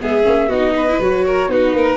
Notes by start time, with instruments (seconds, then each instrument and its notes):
0.00 tuba G#3, viola B3, violin G#4, flute E5
0.23 tuba A#3, viola C#4
0.49 tuba B3, viola D#4, violin F#4, flute D#5
0.76 violin B4
0.89 viola E4
0.99 tuba F#3, viola F#4, flute C#5
1.26 violin A#4
1.48 tuba B3, viola D#4, violin F#4, flute B4
1.73 tuba A#3, violin A#4